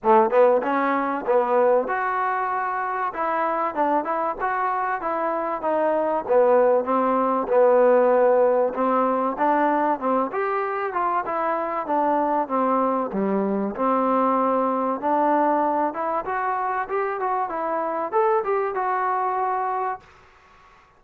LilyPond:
\new Staff \with { instrumentName = "trombone" } { \time 4/4 \tempo 4 = 96 a8 b8 cis'4 b4 fis'4~ | fis'4 e'4 d'8 e'8 fis'4 | e'4 dis'4 b4 c'4 | b2 c'4 d'4 |
c'8 g'4 f'8 e'4 d'4 | c'4 g4 c'2 | d'4. e'8 fis'4 g'8 fis'8 | e'4 a'8 g'8 fis'2 | }